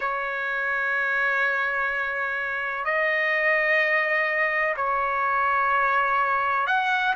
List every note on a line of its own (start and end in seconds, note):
0.00 2.84 C#5
2.84 4.75 D#5
4.76 6.67 C#5
6.67 7.14 F#5